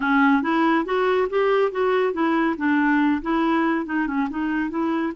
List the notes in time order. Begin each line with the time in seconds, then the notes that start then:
0.00 C#4
0.42 E4
0.85 F#4
1.29 G4
1.71 F#4
2.13 E4
2.57 D4
3.21 E4
3.85 D#4
4.07 C#4
4.30 D#4
4.70 E4